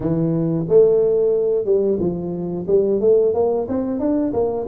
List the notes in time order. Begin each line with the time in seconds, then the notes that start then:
0.00 E3
0.68 A3
1.65 G3
1.99 F3
2.67 G3
3.00 A3
3.33 A#3
3.68 C4
3.99 D4
4.33 A#3